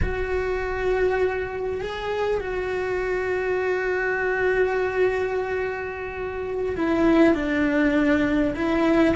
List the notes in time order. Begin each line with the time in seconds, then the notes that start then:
0.01 F#4
1.81 G#4
2.40 F#4
6.76 E4
7.34 D4
8.55 E4